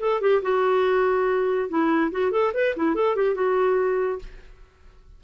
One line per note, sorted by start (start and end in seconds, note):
0.00 0.21 A4
0.21 0.42 G4
0.42 1.69 F#4
1.69 2.11 E4
2.12 2.32 F#4
2.32 2.53 A4
2.54 2.75 B4
2.76 2.95 E4
2.95 3.16 A4
3.16 3.35 G4
3.35 4.19 F#4